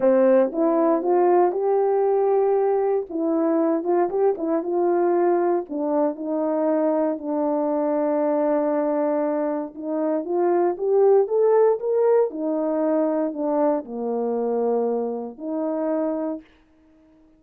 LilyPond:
\new Staff \with { instrumentName = "horn" } { \time 4/4 \tempo 4 = 117 c'4 e'4 f'4 g'4~ | g'2 e'4. f'8 | g'8 e'8 f'2 d'4 | dis'2 d'2~ |
d'2. dis'4 | f'4 g'4 a'4 ais'4 | dis'2 d'4 ais4~ | ais2 dis'2 | }